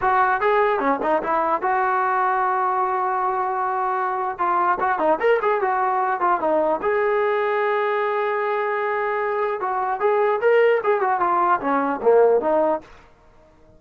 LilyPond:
\new Staff \with { instrumentName = "trombone" } { \time 4/4 \tempo 4 = 150 fis'4 gis'4 cis'8 dis'8 e'4 | fis'1~ | fis'2. f'4 | fis'8 dis'8 ais'8 gis'8 fis'4. f'8 |
dis'4 gis'2.~ | gis'1 | fis'4 gis'4 ais'4 gis'8 fis'8 | f'4 cis'4 ais4 dis'4 | }